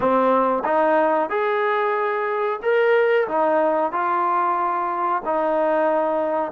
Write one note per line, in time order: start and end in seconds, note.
0.00 0.63 C4
0.64 1.29 D#4
1.29 2.59 G#4
2.62 3.27 A#4
3.28 3.91 D#4
3.91 5.22 F4
5.25 6.52 D#4